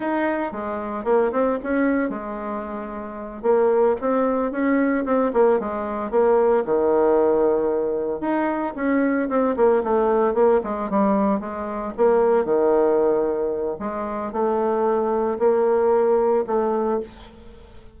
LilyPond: \new Staff \with { instrumentName = "bassoon" } { \time 4/4 \tempo 4 = 113 dis'4 gis4 ais8 c'8 cis'4 | gis2~ gis8 ais4 c'8~ | c'8 cis'4 c'8 ais8 gis4 ais8~ | ais8 dis2. dis'8~ |
dis'8 cis'4 c'8 ais8 a4 ais8 | gis8 g4 gis4 ais4 dis8~ | dis2 gis4 a4~ | a4 ais2 a4 | }